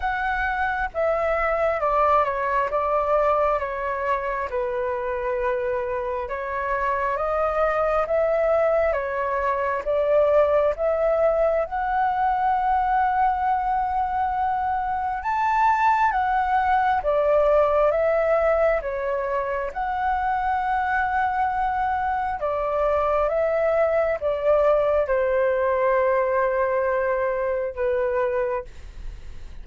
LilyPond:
\new Staff \with { instrumentName = "flute" } { \time 4/4 \tempo 4 = 67 fis''4 e''4 d''8 cis''8 d''4 | cis''4 b'2 cis''4 | dis''4 e''4 cis''4 d''4 | e''4 fis''2.~ |
fis''4 a''4 fis''4 d''4 | e''4 cis''4 fis''2~ | fis''4 d''4 e''4 d''4 | c''2. b'4 | }